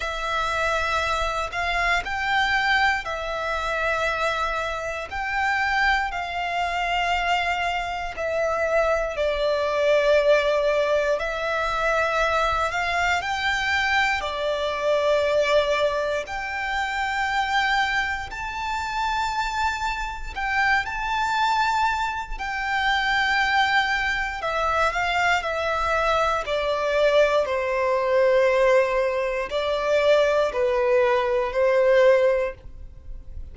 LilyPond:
\new Staff \with { instrumentName = "violin" } { \time 4/4 \tempo 4 = 59 e''4. f''8 g''4 e''4~ | e''4 g''4 f''2 | e''4 d''2 e''4~ | e''8 f''8 g''4 d''2 |
g''2 a''2 | g''8 a''4. g''2 | e''8 f''8 e''4 d''4 c''4~ | c''4 d''4 b'4 c''4 | }